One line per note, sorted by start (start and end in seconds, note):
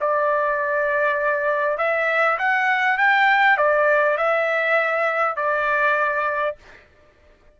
0.00 1.77 D5
1.77 2.37 E5
2.38 2.97 F#5
2.97 3.57 G5
3.57 4.17 D5
4.17 5.36 E5
5.36 6.56 D5